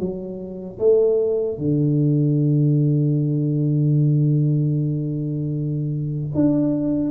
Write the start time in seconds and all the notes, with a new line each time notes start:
0.00 F#3
0.79 A3
1.59 D3
6.35 D4